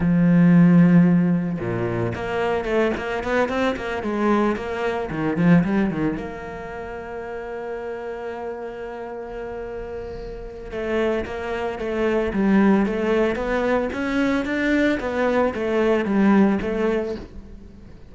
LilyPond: \new Staff \with { instrumentName = "cello" } { \time 4/4 \tempo 4 = 112 f2. ais,4 | ais4 a8 ais8 b8 c'8 ais8 gis8~ | gis8 ais4 dis8 f8 g8 dis8 ais8~ | ais1~ |
ais1 | a4 ais4 a4 g4 | a4 b4 cis'4 d'4 | b4 a4 g4 a4 | }